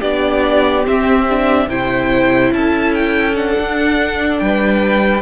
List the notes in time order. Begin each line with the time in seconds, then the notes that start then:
0.00 B3 D4 G4 D5
0.84 C4 E5
1.30 D4
1.68 C3 E4 C5 G5
2.52 C#4 A4 A5
2.94 G5
3.36 D4 F#5
3.59 D4
4.39 G3 B4 G5